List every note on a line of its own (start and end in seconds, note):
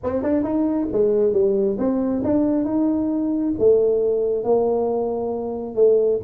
0.03 0.22 C4
0.22 0.43 D4
0.43 0.87 D#4
0.92 1.32 G#3
1.32 1.77 G3
1.78 2.23 C4
2.24 2.64 D4
2.64 3.53 D#4
3.58 4.44 A3
4.44 5.75 A#3
5.75 6.19 A3